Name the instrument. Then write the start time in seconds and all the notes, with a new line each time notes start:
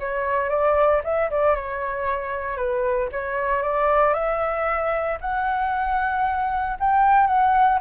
flute
0.00 C#5
0.50 D5
1.04 E5
1.31 D5
1.56 C#5
2.57 B4
3.12 C#5
3.63 D5
4.14 E5
5.21 F#5
6.80 G5
7.27 F#5